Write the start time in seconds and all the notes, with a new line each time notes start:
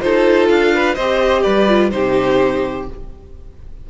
0.00 D#4 F4 A4 C5
0.48 D4 F5
0.74 B4
0.94 C4 G4 C5 D#5
1.42 G3 B4 D5
1.68 F4
1.90 C3 D#4 G4 C5